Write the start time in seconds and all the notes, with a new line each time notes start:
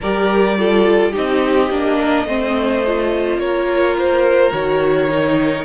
0.00 G3 G4 A#4 D5
0.57 F4 A4
1.12 C4 D#4 G4 D#5
1.70 A#3 D4
1.99 A#4
2.24 A3 C4 C5
2.86 F4
3.38 A#3 A#4 C#5
3.98 C5
4.52 D#3 F#4 C#5
5.08 D#4